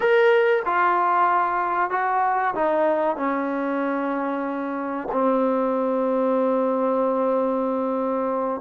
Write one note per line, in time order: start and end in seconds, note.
0.00 0.62 A#4
0.65 1.90 F4
1.90 2.54 F#4
2.54 3.16 D#4
3.16 5.07 C#4
5.12 8.60 C4